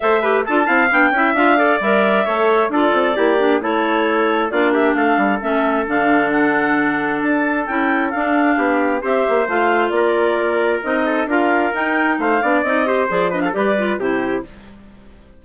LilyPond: <<
  \new Staff \with { instrumentName = "clarinet" } { \time 4/4 \tempo 4 = 133 e''4 a''4 g''4 f''4 | e''2 d''2 | cis''2 d''8 e''8 f''4 | e''4 f''4 fis''2 |
a''4 g''4 f''2 | e''4 f''4 d''2 | dis''4 f''4 g''4 f''4 | dis''4 d''8 dis''16 f''16 d''4 c''4 | }
  \new Staff \with { instrumentName = "trumpet" } { \time 4/4 c''8 b'8 a'8 f''4 e''4 d''8~ | d''4 cis''4 a'4 g'4 | a'2 f'8 g'8 a'4~ | a'1~ |
a'2. g'4 | c''2 ais'2~ | ais'8 a'8 ais'2 c''8 d''8~ | d''8 c''4 b'16 a'16 b'4 g'4 | }
  \new Staff \with { instrumentName = "clarinet" } { \time 4/4 a'8 g'8 f'8 e'8 d'8 e'8 f'8 a'8 | ais'4 a'4 f'4 e'8 d'8 | e'2 d'2 | cis'4 d'2.~ |
d'4 e'4 d'2 | g'4 f'2. | dis'4 f'4 dis'4. d'8 | dis'8 g'8 gis'8 d'8 g'8 f'8 e'4 | }
  \new Staff \with { instrumentName = "bassoon" } { \time 4/4 a4 d'8 c'8 b8 cis'8 d'4 | g4 a4 d'8 c'8 ais4 | a2 ais4 a8 g8 | a4 d2. |
d'4 cis'4 d'4 b4 | c'8 ais8 a4 ais2 | c'4 d'4 dis'4 a8 b8 | c'4 f4 g4 c4 | }
>>